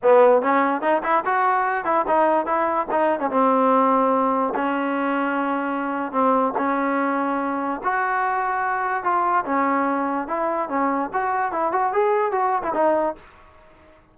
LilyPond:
\new Staff \with { instrumentName = "trombone" } { \time 4/4 \tempo 4 = 146 b4 cis'4 dis'8 e'8 fis'4~ | fis'8 e'8 dis'4 e'4 dis'8. cis'16 | c'2. cis'4~ | cis'2. c'4 |
cis'2. fis'4~ | fis'2 f'4 cis'4~ | cis'4 e'4 cis'4 fis'4 | e'8 fis'8 gis'4 fis'8. e'16 dis'4 | }